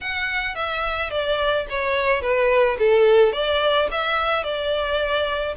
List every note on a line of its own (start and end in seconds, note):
0.00 0.55 F#5
0.55 1.10 E5
1.10 1.66 D5
1.69 2.21 C#5
2.21 2.77 B4
2.79 3.32 A4
3.32 3.88 D5
3.91 4.43 E5
4.43 5.54 D5